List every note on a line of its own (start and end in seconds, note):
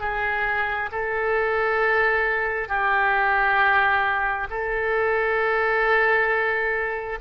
0.00 0.90 G#4
0.91 2.68 A4
2.68 4.47 G4
4.50 7.18 A4